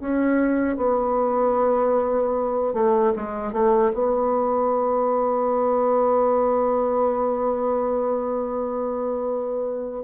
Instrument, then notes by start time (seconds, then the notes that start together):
bassoon
0.00 C#4
0.77 B3
2.74 A3
3.17 G#3
3.53 A3
3.94 B3